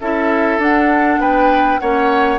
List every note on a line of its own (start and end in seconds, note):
0.00 0.58 C#4
0.00 0.61 E4
0.00 1.20 A4
0.00 0.60 E5
0.58 1.18 D4
0.58 1.81 D4
0.58 1.21 F#5
1.19 1.79 B3
1.19 1.80 B4
1.19 1.79 G5
1.79 2.39 A#3
1.79 2.39 C#4
1.79 2.39 C#5
1.79 2.39 F#5